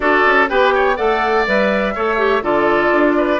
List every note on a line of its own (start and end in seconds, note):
0.00 0.24 D4
0.00 0.47 F#4
0.00 0.49 A4
0.00 0.47 D5
0.25 0.50 C#4
0.48 0.98 B3
0.48 0.96 G4
0.48 0.74 B4
0.48 0.96 G5
0.74 0.96 C#5
0.96 1.47 A3
0.96 1.45 A4
0.96 1.94 D5
0.96 1.45 F#5
1.46 1.96 G3
1.46 1.95 B4
1.46 2.43 E5
1.95 2.41 A3
1.95 2.17 A4
1.95 2.43 C#5
2.17 2.42 G4
2.41 2.90 D3
2.41 3.40 F4
2.41 3.16 A4
2.41 3.40 D5
2.91 3.40 D4
3.17 3.40 B4